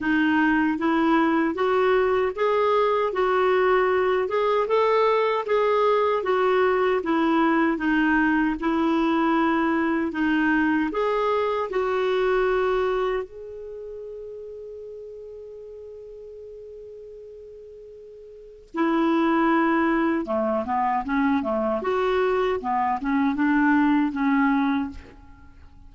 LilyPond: \new Staff \with { instrumentName = "clarinet" } { \time 4/4 \tempo 4 = 77 dis'4 e'4 fis'4 gis'4 | fis'4. gis'8 a'4 gis'4 | fis'4 e'4 dis'4 e'4~ | e'4 dis'4 gis'4 fis'4~ |
fis'4 gis'2.~ | gis'1 | e'2 a8 b8 cis'8 a8 | fis'4 b8 cis'8 d'4 cis'4 | }